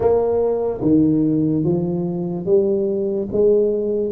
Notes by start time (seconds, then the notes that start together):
0.00 A#3
0.81 D#3
1.64 F3
2.45 G3
3.31 G#3